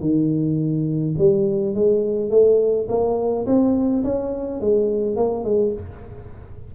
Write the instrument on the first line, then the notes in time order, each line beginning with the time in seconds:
tuba
0.00 D#3
1.18 G3
1.74 G#3
2.30 A3
2.88 A#3
3.46 C4
4.04 C#4
4.61 G#3
5.16 A#3
5.44 G#3